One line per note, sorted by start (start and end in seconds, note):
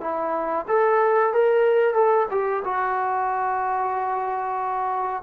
0.00 0.65 E4
0.68 1.33 A4
1.33 1.94 A#4
1.94 2.26 A4
2.31 2.63 G4
2.64 5.23 F#4